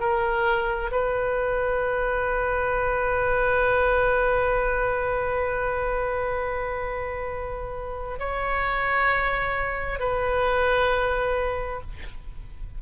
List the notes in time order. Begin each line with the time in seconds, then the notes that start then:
0.00 A#4
0.92 B4
8.19 C#5
10.00 B4